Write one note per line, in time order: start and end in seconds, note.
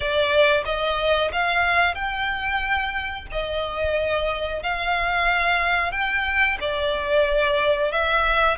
0.00 0.64 D5
0.65 1.31 D#5
1.32 1.94 F5
1.94 3.26 G5
3.31 4.62 D#5
4.62 5.91 F5
5.91 6.57 G5
6.60 7.91 D5
7.91 8.57 E5